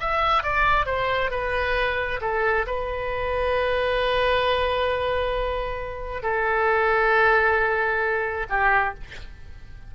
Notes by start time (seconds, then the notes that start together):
0.00 E5
0.43 D5
0.86 C5
1.31 B4
2.21 A4
2.67 B4
6.22 A4
8.49 G4